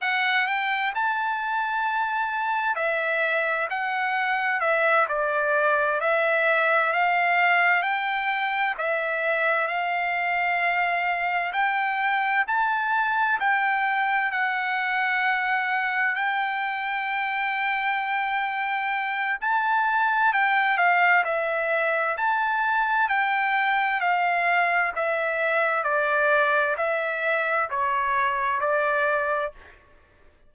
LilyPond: \new Staff \with { instrumentName = "trumpet" } { \time 4/4 \tempo 4 = 65 fis''8 g''8 a''2 e''4 | fis''4 e''8 d''4 e''4 f''8~ | f''8 g''4 e''4 f''4.~ | f''8 g''4 a''4 g''4 fis''8~ |
fis''4. g''2~ g''8~ | g''4 a''4 g''8 f''8 e''4 | a''4 g''4 f''4 e''4 | d''4 e''4 cis''4 d''4 | }